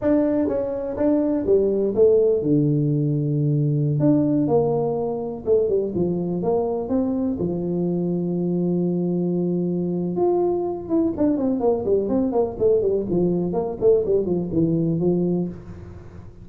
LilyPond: \new Staff \with { instrumentName = "tuba" } { \time 4/4 \tempo 4 = 124 d'4 cis'4 d'4 g4 | a4 d2.~ | d16 d'4 ais2 a8 g16~ | g16 f4 ais4 c'4 f8.~ |
f1~ | f4 f'4. e'8 d'8 c'8 | ais8 g8 c'8 ais8 a8 g8 f4 | ais8 a8 g8 f8 e4 f4 | }